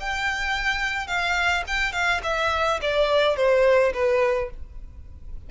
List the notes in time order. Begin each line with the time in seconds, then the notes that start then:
0.00 G5
1.07 F5
1.67 G5
1.92 F5
2.23 E5
2.82 D5
3.36 C5
3.93 B4